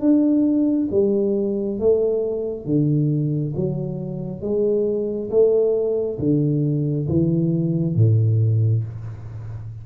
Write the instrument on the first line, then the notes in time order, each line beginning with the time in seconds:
tuba
0.00 D4
0.91 G3
1.79 A3
2.65 D3
3.56 F#3
4.42 G#3
5.30 A3
6.19 D3
7.08 E3
7.95 A2